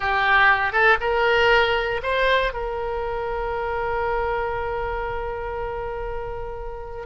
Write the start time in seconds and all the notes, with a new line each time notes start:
0.00 G4
0.72 A4
1.00 A#4
2.03 C5
2.53 A#4